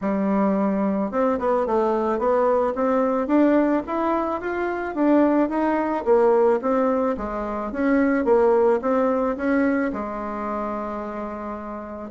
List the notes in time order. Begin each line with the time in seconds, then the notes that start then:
0.01 G3
1.11 C4
1.39 B3
1.66 A3
2.18 B3
2.75 C4
3.27 D4
3.86 E4
4.40 F4
4.94 D4
5.49 D#4
6.04 A#3
6.61 C4
7.17 G#3
7.72 C#4
8.24 A#3
8.81 C4
9.36 C#4
9.92 G#3